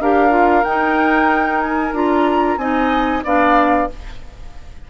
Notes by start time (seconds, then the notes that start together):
0.00 D4 G4 A#4 F5
0.30 F4
0.64 D#4 G5
1.61 G#5
1.93 D4 F4 A#5
2.57 C4 D#4 D#5 G#5
3.24 B3 D4 D5 F5